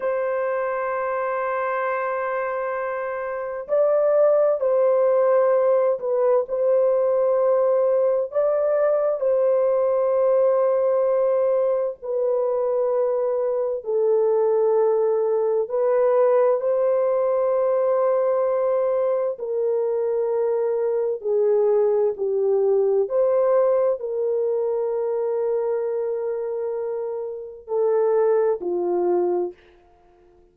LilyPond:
\new Staff \with { instrumentName = "horn" } { \time 4/4 \tempo 4 = 65 c''1 | d''4 c''4. b'8 c''4~ | c''4 d''4 c''2~ | c''4 b'2 a'4~ |
a'4 b'4 c''2~ | c''4 ais'2 gis'4 | g'4 c''4 ais'2~ | ais'2 a'4 f'4 | }